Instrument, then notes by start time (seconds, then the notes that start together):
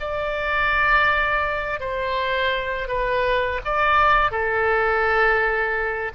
oboe
0.00 D5
1.80 C5
2.88 B4
3.65 D5
4.31 A4